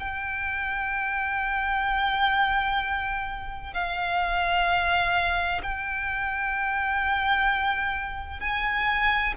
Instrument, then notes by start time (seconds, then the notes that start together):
violin
0.00 G5
3.74 F5
5.63 G5
8.40 G#5